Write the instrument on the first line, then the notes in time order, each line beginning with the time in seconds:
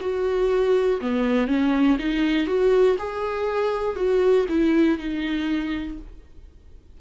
viola
0.00 F#4
1.01 B3
1.47 C#4
1.98 D#4
2.46 F#4
2.98 G#4
3.96 F#4
4.49 E4
4.98 D#4